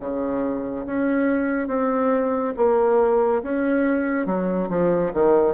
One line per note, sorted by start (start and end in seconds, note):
0.00 0.86 C#3
0.86 1.68 C#4
1.68 2.54 C4
2.57 3.42 A#3
3.43 4.26 C#4
4.26 4.69 F#3
4.69 5.12 F3
5.14 5.54 D#3